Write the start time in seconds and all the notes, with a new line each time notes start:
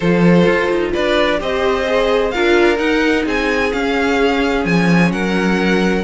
0.00 F3 F4 A4 C5
0.46 F4
0.70 D#4
0.93 D4 B4 D5
1.38 C4 G4 C5 D#5
1.86 G#4
2.30 D4 F4 A#4 F5
2.76 D#4 F#5
3.25 C4 G#4 G#5
3.72 C#4 F5
4.64 F3 G#5
5.10 F#3 A#4 F#5